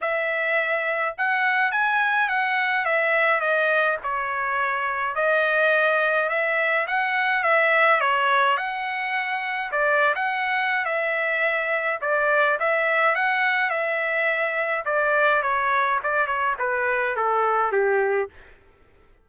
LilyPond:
\new Staff \with { instrumentName = "trumpet" } { \time 4/4 \tempo 4 = 105 e''2 fis''4 gis''4 | fis''4 e''4 dis''4 cis''4~ | cis''4 dis''2 e''4 | fis''4 e''4 cis''4 fis''4~ |
fis''4 d''8. fis''4~ fis''16 e''4~ | e''4 d''4 e''4 fis''4 | e''2 d''4 cis''4 | d''8 cis''8 b'4 a'4 g'4 | }